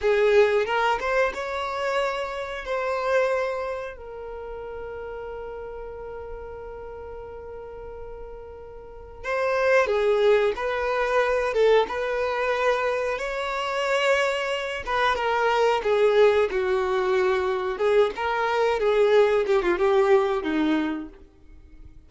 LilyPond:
\new Staff \with { instrumentName = "violin" } { \time 4/4 \tempo 4 = 91 gis'4 ais'8 c''8 cis''2 | c''2 ais'2~ | ais'1~ | ais'2 c''4 gis'4 |
b'4. a'8 b'2 | cis''2~ cis''8 b'8 ais'4 | gis'4 fis'2 gis'8 ais'8~ | ais'8 gis'4 g'16 f'16 g'4 dis'4 | }